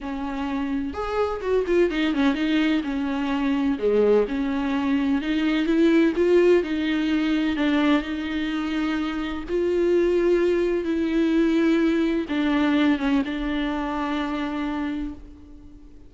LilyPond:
\new Staff \with { instrumentName = "viola" } { \time 4/4 \tempo 4 = 127 cis'2 gis'4 fis'8 f'8 | dis'8 cis'8 dis'4 cis'2 | gis4 cis'2 dis'4 | e'4 f'4 dis'2 |
d'4 dis'2. | f'2. e'4~ | e'2 d'4. cis'8 | d'1 | }